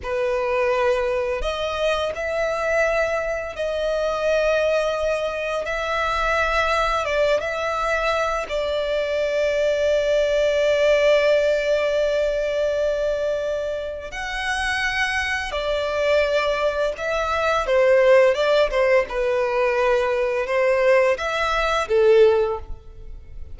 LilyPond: \new Staff \with { instrumentName = "violin" } { \time 4/4 \tempo 4 = 85 b'2 dis''4 e''4~ | e''4 dis''2. | e''2 d''8 e''4. | d''1~ |
d''1 | fis''2 d''2 | e''4 c''4 d''8 c''8 b'4~ | b'4 c''4 e''4 a'4 | }